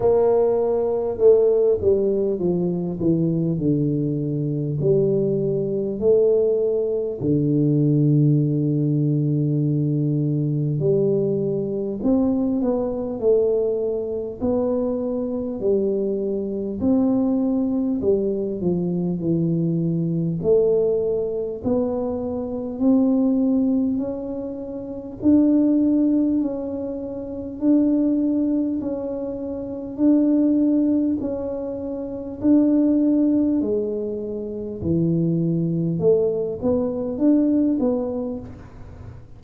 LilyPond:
\new Staff \with { instrumentName = "tuba" } { \time 4/4 \tempo 4 = 50 ais4 a8 g8 f8 e8 d4 | g4 a4 d2~ | d4 g4 c'8 b8 a4 | b4 g4 c'4 g8 f8 |
e4 a4 b4 c'4 | cis'4 d'4 cis'4 d'4 | cis'4 d'4 cis'4 d'4 | gis4 e4 a8 b8 d'8 b8 | }